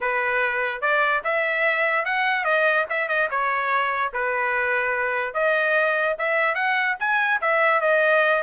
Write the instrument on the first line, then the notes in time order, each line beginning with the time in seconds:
trumpet
0.00 B4
0.81 D5
1.24 E5
2.05 F#5
2.44 D#5
2.89 E5
3.08 D#5
3.30 C#5
4.13 B4
5.33 D#5
6.18 E5
6.54 F#5
6.99 G#5
7.41 E5
7.81 D#5